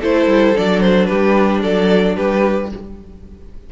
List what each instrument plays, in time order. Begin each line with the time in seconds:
0.00 cello A3, viola E4, violin A4 C5
0.26 cello G3
0.55 cello F#3, viola D4, violin D5
0.80 violin C5
1.05 cello G3, violin G4 B4
1.62 cello F#3, violin A4 D5
2.16 cello G3, violin G4 B4